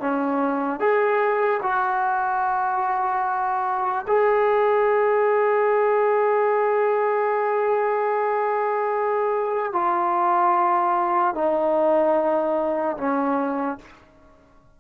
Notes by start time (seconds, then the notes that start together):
0.00 C#4
0.80 G#4
1.63 F#4
4.07 G#4
9.73 F4
11.35 D#4
12.97 C#4